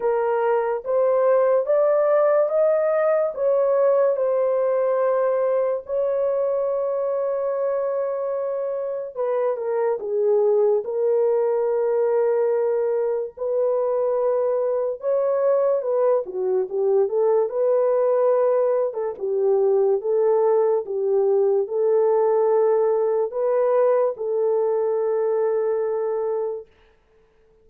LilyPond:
\new Staff \with { instrumentName = "horn" } { \time 4/4 \tempo 4 = 72 ais'4 c''4 d''4 dis''4 | cis''4 c''2 cis''4~ | cis''2. b'8 ais'8 | gis'4 ais'2. |
b'2 cis''4 b'8 fis'8 | g'8 a'8 b'4.~ b'16 a'16 g'4 | a'4 g'4 a'2 | b'4 a'2. | }